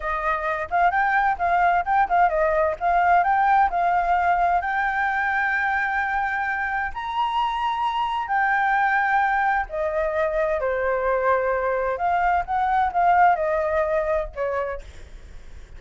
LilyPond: \new Staff \with { instrumentName = "flute" } { \time 4/4 \tempo 4 = 130 dis''4. f''8 g''4 f''4 | g''8 f''8 dis''4 f''4 g''4 | f''2 g''2~ | g''2. ais''4~ |
ais''2 g''2~ | g''4 dis''2 c''4~ | c''2 f''4 fis''4 | f''4 dis''2 cis''4 | }